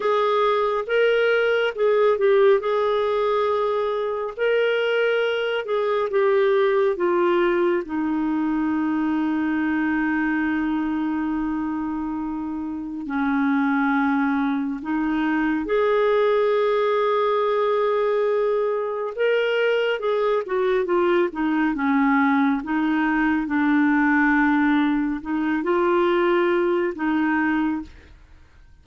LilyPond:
\new Staff \with { instrumentName = "clarinet" } { \time 4/4 \tempo 4 = 69 gis'4 ais'4 gis'8 g'8 gis'4~ | gis'4 ais'4. gis'8 g'4 | f'4 dis'2.~ | dis'2. cis'4~ |
cis'4 dis'4 gis'2~ | gis'2 ais'4 gis'8 fis'8 | f'8 dis'8 cis'4 dis'4 d'4~ | d'4 dis'8 f'4. dis'4 | }